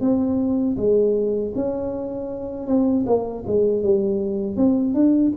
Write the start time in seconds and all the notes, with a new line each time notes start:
0.00 C4
0.77 G#3
1.55 C#4
2.67 C4
3.06 A#3
3.47 G#3
3.83 G3
4.56 C4
4.94 D4